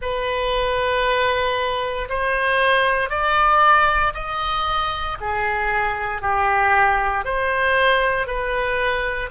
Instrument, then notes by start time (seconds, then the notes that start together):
oboe
0.01 B4
2.09 C5
3.09 D5
4.14 D#5
5.20 G#4
6.21 G4
7.25 C5
8.26 B4